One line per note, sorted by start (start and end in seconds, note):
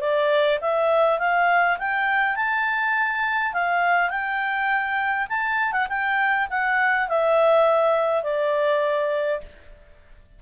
0.00 0.59 D5
0.61 1.19 E5
1.19 1.78 F5
1.78 2.36 G5
2.36 3.53 A5
3.53 4.09 F5
4.09 5.27 G5
5.29 5.72 A5
5.72 5.87 F#5
5.89 6.48 G5
6.49 7.08 F#5
7.08 8.23 E5
8.23 9.40 D5